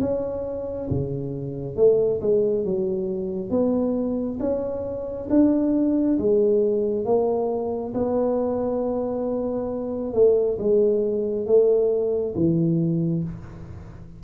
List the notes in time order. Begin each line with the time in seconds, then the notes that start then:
0.00 C#4
0.90 C#3
1.76 A3
2.21 G#3
2.64 F#3
3.50 B3
4.40 C#4
5.30 D4
6.18 G#3
7.05 A#3
7.94 B3
10.14 A3
10.58 G#3
11.46 A3
12.35 E3